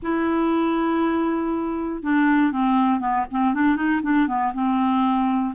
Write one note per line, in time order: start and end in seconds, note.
0.02 2.03 E4
2.03 2.52 D4
2.52 3.00 C4
3.00 3.25 B3
3.31 3.54 C4
3.54 3.75 D4
3.75 4.01 D#4
4.02 4.27 D4
4.27 4.52 B3
4.53 5.54 C4